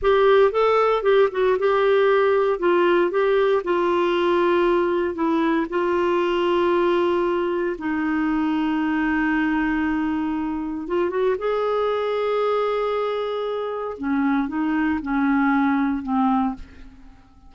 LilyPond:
\new Staff \with { instrumentName = "clarinet" } { \time 4/4 \tempo 4 = 116 g'4 a'4 g'8 fis'8 g'4~ | g'4 f'4 g'4 f'4~ | f'2 e'4 f'4~ | f'2. dis'4~ |
dis'1~ | dis'4 f'8 fis'8 gis'2~ | gis'2. cis'4 | dis'4 cis'2 c'4 | }